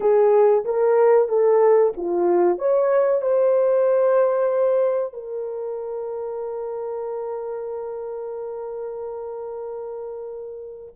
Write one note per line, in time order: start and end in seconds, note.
0.00 0.64 G#4
0.64 1.28 A#4
1.28 1.92 A4
1.96 2.58 F4
2.58 3.21 C#5
3.21 5.13 C5
5.13 10.94 A#4